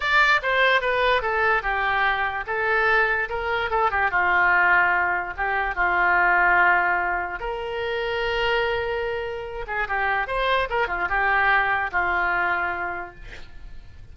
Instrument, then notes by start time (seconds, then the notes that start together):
oboe
0.00 D5
0.42 C5
0.81 B4
1.22 A4
1.62 G4
2.46 A4
3.29 A#4
3.70 A4
3.90 G4
4.10 F4
5.36 G4
5.75 F4
7.39 A#4
9.67 G#4
9.88 G4
10.27 C5
10.69 A#4
10.87 F4
11.08 G4
11.91 F4